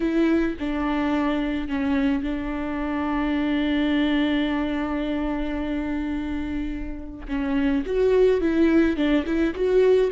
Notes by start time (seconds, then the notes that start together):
0.00 E4
0.59 D4
1.68 C#4
2.22 D4
7.28 C#4
7.86 F#4
8.41 E4
8.96 D4
9.25 E4
9.55 F#4